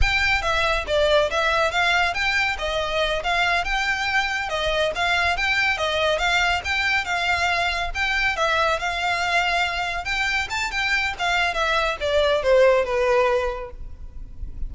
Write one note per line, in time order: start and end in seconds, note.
0.01 0.42 G5
0.42 0.85 E5
0.87 1.30 D5
1.30 1.71 E5
1.71 2.14 F5
2.14 2.56 G5
2.58 3.22 D#5
3.23 3.64 F5
3.64 4.49 G5
4.49 4.92 D#5
4.95 5.36 F5
5.36 5.77 G5
5.77 6.18 D#5
6.18 6.61 F5
6.64 7.04 G5
7.04 7.90 F5
7.94 8.36 G5
8.36 8.79 E5
8.79 10.05 F5
10.05 10.47 G5
10.50 10.71 A5
10.71 11.14 G5
11.18 11.54 F5
11.54 11.96 E5
12.00 12.42 D5
12.42 12.85 C5
12.85 13.70 B4